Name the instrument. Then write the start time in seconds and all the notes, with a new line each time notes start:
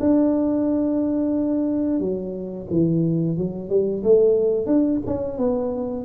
tuba
0.00 D4
2.00 F#3
2.71 E3
3.37 F#3
3.70 G3
4.04 A3
4.66 D4
5.07 C#4
5.38 B3